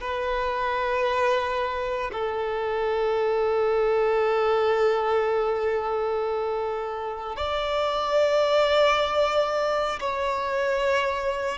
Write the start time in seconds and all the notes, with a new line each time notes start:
0.00 B4
2.12 A4
7.36 D5
10.00 C#5